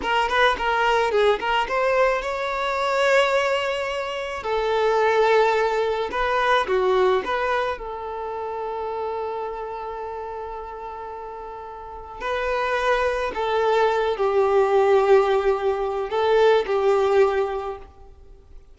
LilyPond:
\new Staff \with { instrumentName = "violin" } { \time 4/4 \tempo 4 = 108 ais'8 b'8 ais'4 gis'8 ais'8 c''4 | cis''1 | a'2. b'4 | fis'4 b'4 a'2~ |
a'1~ | a'2 b'2 | a'4. g'2~ g'8~ | g'4 a'4 g'2 | }